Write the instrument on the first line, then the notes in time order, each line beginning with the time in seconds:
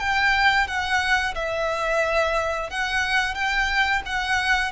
violin
0.00 G5
0.67 F#5
1.35 E5
2.70 F#5
3.35 G5
4.06 F#5